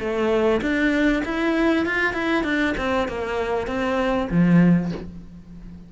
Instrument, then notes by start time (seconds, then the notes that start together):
cello
0.00 A3
0.62 D4
1.25 E4
1.86 F4
2.14 E4
2.44 D4
2.78 C4
3.09 A#3
3.67 C4
4.31 F3